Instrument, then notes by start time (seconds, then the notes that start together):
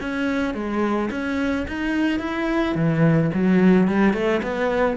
cello
0.00 C#4
0.54 G#3
1.10 C#4
1.67 D#4
2.19 E4
2.75 E3
3.34 F#3
3.88 G3
4.13 A3
4.42 B3